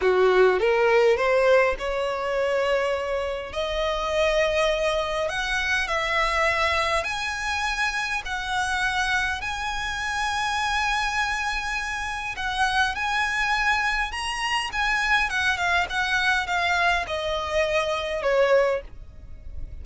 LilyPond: \new Staff \with { instrumentName = "violin" } { \time 4/4 \tempo 4 = 102 fis'4 ais'4 c''4 cis''4~ | cis''2 dis''2~ | dis''4 fis''4 e''2 | gis''2 fis''2 |
gis''1~ | gis''4 fis''4 gis''2 | ais''4 gis''4 fis''8 f''8 fis''4 | f''4 dis''2 cis''4 | }